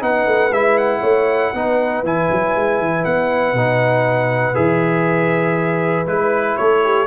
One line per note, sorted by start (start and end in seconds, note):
0.00 0.26 B3
0.00 0.50 D#4
0.00 1.00 B4
0.00 0.53 F#5
0.26 0.50 A3
0.50 1.01 G#3
0.50 1.54 E4
0.50 0.77 E5
0.77 2.03 F#5
1.00 1.52 A3
1.00 1.50 C#5
1.54 2.03 B3
1.54 2.05 D#4
1.54 6.59 B4
2.03 2.28 E3
2.03 3.56 E4
2.03 3.04 G#5
2.31 2.55 F#3
2.55 2.80 G#3
2.80 3.05 E3
3.04 3.53 B3
3.04 4.55 F#5
3.53 4.54 B2
3.53 4.54 D#4
4.54 6.06 E3
4.54 6.06 G#4
4.54 6.06 E5
6.06 6.57 G#3
6.06 7.07 E4
6.06 6.57 B4
6.57 7.07 A3
6.57 6.84 A4
6.57 7.07 C#5
6.84 7.07 G4